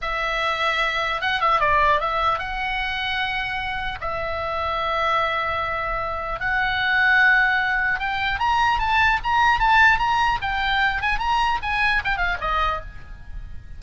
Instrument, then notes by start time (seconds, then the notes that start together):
oboe
0.01 E5
1.21 F#5
1.41 E5
1.59 D5
2.00 E5
2.38 F#5
4.00 E5
6.39 F#5
7.99 G5
8.39 A#5
8.78 A5
9.23 A#5
9.59 A5
9.99 A#5
10.41 G5
11.01 G#5
11.18 A#5
11.62 G#5
12.04 G5
12.17 F5
12.41 D#5